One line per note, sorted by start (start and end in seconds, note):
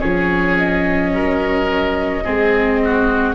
0.00 1.13 F3
0.00 2.24 C#4
0.00 1.11 G#4
0.00 0.56 C#5
0.58 3.35 D#5
1.13 2.25 F#3
1.13 2.25 A#4
2.25 3.35 G#3
2.25 3.35 C4
2.25 2.80 G#4
2.85 3.35 F#4